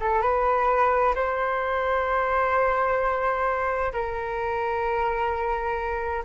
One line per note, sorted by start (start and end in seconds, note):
0.00 0.23 A4
0.23 1.15 B4
1.16 3.93 C5
3.93 6.24 A#4